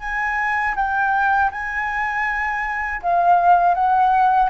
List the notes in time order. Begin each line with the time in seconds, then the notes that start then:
0.00 G#5
0.76 G5
1.51 G#5
3.02 F5
3.75 F#5